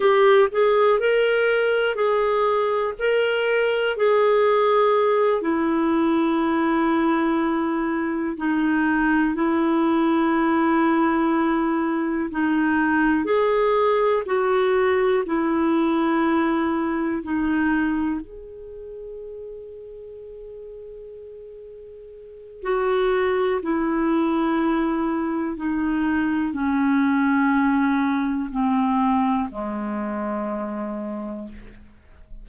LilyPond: \new Staff \with { instrumentName = "clarinet" } { \time 4/4 \tempo 4 = 61 g'8 gis'8 ais'4 gis'4 ais'4 | gis'4. e'2~ e'8~ | e'8 dis'4 e'2~ e'8~ | e'8 dis'4 gis'4 fis'4 e'8~ |
e'4. dis'4 gis'4.~ | gis'2. fis'4 | e'2 dis'4 cis'4~ | cis'4 c'4 gis2 | }